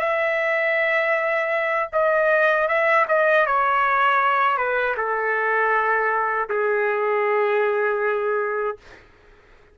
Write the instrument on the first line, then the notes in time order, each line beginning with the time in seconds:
trumpet
0.00 E5
1.93 D#5
2.68 E5
3.08 D#5
3.46 C#5
4.58 B4
4.97 A4
6.50 G#4